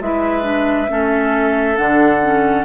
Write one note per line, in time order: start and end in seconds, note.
0.00 0.88 G#3
0.00 0.42 E4
0.00 0.90 B4
0.00 1.76 E5
0.42 0.86 D4
0.89 1.78 A3
0.89 1.76 C#4
0.89 2.64 A4
1.76 2.64 D3
1.76 2.21 D4
1.76 2.64 F#5
2.22 2.64 C#4